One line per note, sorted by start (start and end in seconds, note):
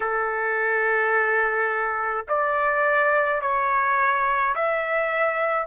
0.00 2.25 A4
2.28 3.41 D5
3.41 4.54 C#5
4.55 5.66 E5